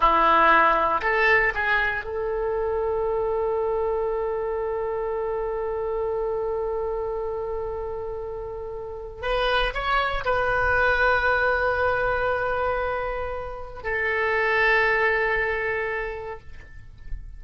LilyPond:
\new Staff \with { instrumentName = "oboe" } { \time 4/4 \tempo 4 = 117 e'2 a'4 gis'4 | a'1~ | a'1~ | a'1~ |
a'2 b'4 cis''4 | b'1~ | b'2. a'4~ | a'1 | }